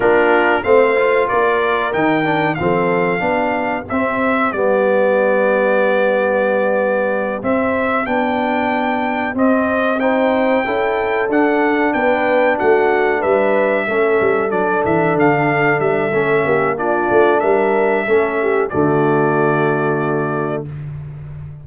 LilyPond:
<<
  \new Staff \with { instrumentName = "trumpet" } { \time 4/4 \tempo 4 = 93 ais'4 f''4 d''4 g''4 | f''2 e''4 d''4~ | d''2.~ d''8 e''8~ | e''8 g''2 dis''4 g''8~ |
g''4. fis''4 g''4 fis''8~ | fis''8 e''2 d''8 e''8 f''8~ | f''8 e''4. d''4 e''4~ | e''4 d''2. | }
  \new Staff \with { instrumentName = "horn" } { \time 4/4 f'4 c''4 ais'2 | a'4 g'2.~ | g'1~ | g'2.~ g'8 c''8~ |
c''8 a'2 b'4 fis'8~ | fis'8 b'4 a'2~ a'8~ | a'4. g'8 f'4 ais'4 | a'8 g'8 fis'2. | }
  \new Staff \with { instrumentName = "trombone" } { \time 4/4 d'4 c'8 f'4. dis'8 d'8 | c'4 d'4 c'4 b4~ | b2.~ b8 c'8~ | c'8 d'2 c'4 dis'8~ |
dis'8 e'4 d'2~ d'8~ | d'4. cis'4 d'4.~ | d'4 cis'4 d'2 | cis'4 a2. | }
  \new Staff \with { instrumentName = "tuba" } { \time 4/4 ais4 a4 ais4 dis4 | f4 b4 c'4 g4~ | g2.~ g8 c'8~ | c'8 b2 c'4.~ |
c'8 cis'4 d'4 b4 a8~ | a8 g4 a8 g8 fis8 e8 d8~ | d8 g8 a8 ais4 a8 g4 | a4 d2. | }
>>